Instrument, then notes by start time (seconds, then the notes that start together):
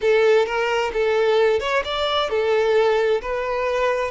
violin
0.01 A4
0.45 A#4
0.93 A4
1.60 C#5
1.84 D5
2.29 A4
3.21 B4